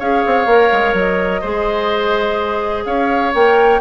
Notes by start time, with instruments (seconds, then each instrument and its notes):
0.00 bassoon C#4, clarinet G#4, oboe C#5, flute F5
0.27 bassoon C4
0.46 bassoon A#3, clarinet A#4
0.73 bassoon G#3
0.94 bassoon F#3, flute D#5
1.42 bassoon G#3, clarinet G#4, oboe C5
2.86 bassoon C#4, oboe C#5, flute F5
3.35 bassoon A#3, clarinet A#4, flute G5